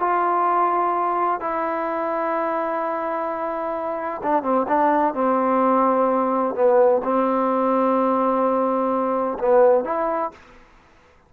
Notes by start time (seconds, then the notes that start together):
0.00 F4
1.41 E4
4.23 D4
4.43 C4
4.68 D4
5.14 C4
6.55 B3
7.04 C4
9.39 B3
9.85 E4